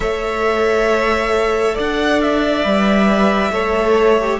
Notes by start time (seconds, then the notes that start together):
0.00 A3 A4 C#5 E5
1.74 D4 D5 F#5
2.21 E5
2.63 G3 B4
3.50 A3 A4 C#5
4.19 G4